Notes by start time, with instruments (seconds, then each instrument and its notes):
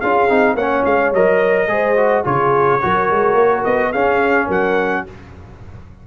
0.00 tuba C#4, trombone F4, horn G#4, trumpet F5
0.28 tuba C4, trombone D#4
0.55 tuba A#3, trombone C#4, horn C#5, trumpet F#5
0.85 tuba G#3, trumpet F5
1.12 tuba F#3, trombone A#4, trumpet D#5
1.68 tuba G#3, trombone G#4, horn C5
1.96 trombone F#4
2.24 tuba C#3, trombone F4, horn G#4, trumpet C#5
2.81 tuba F#3, trombone F#4, horn A#4
3.11 tuba G#3
3.35 tuba A#3
3.64 tuba B3, trumpet D#5
3.91 tuba C#4, trombone C#4, horn G#4, trumpet F5
4.46 tuba F#3, horn A#4, trumpet F#5